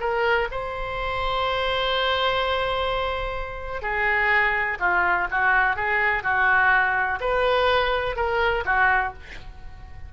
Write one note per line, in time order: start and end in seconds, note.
0.00 0.48 A#4
0.51 3.82 C5
3.82 4.78 G#4
4.79 5.27 F4
5.31 5.76 F#4
5.76 6.23 G#4
6.23 7.19 F#4
7.20 8.16 B4
8.16 8.64 A#4
8.65 9.13 F#4